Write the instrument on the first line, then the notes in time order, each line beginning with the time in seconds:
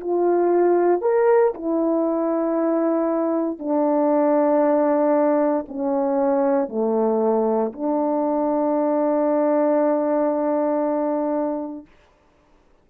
horn
0.00 F4
1.01 A#4
1.54 E4
3.59 D4
5.68 C#4
6.68 A3
7.72 D4